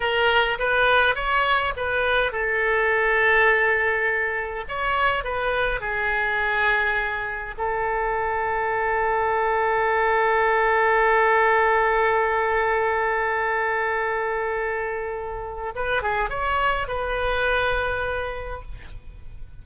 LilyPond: \new Staff \with { instrumentName = "oboe" } { \time 4/4 \tempo 4 = 103 ais'4 b'4 cis''4 b'4 | a'1 | cis''4 b'4 gis'2~ | gis'4 a'2.~ |
a'1~ | a'1~ | a'2. b'8 gis'8 | cis''4 b'2. | }